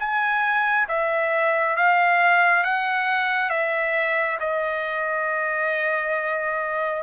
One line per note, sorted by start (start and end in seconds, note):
0.00 0.88 G#5
0.89 1.77 E5
1.77 2.64 F5
2.64 3.50 F#5
3.50 4.38 E5
4.40 7.03 D#5